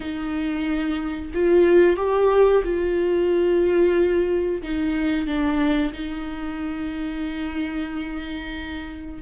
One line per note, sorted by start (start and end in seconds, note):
0.00 1.31 D#4
1.34 1.96 F4
1.96 2.62 G4
2.64 4.62 F4
4.62 5.26 D#4
5.26 5.92 D4
5.93 9.21 D#4